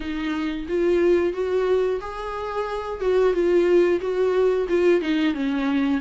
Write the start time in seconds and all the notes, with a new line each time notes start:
0.00 D#4
0.68 F4
1.33 F#4
2.00 G#4
3.00 F#4
3.33 F4
4.00 F#4
4.68 F4
5.01 D#4
5.34 C#4